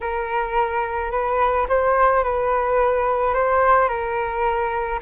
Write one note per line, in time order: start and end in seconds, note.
0.01 1.11 A#4
1.11 1.66 B4
1.68 2.23 C5
2.23 3.34 B4
3.34 3.88 C5
3.88 4.99 A#4